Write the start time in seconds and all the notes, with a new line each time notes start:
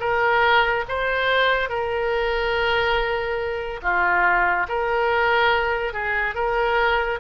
0.00 A#4
0.88 C5
1.69 A#4
3.82 F4
4.69 A#4
5.93 G#4
6.35 A#4